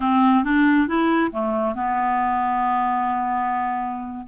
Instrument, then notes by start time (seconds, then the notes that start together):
clarinet
0.00 C4
0.43 D4
0.87 E4
1.31 A3
1.74 B3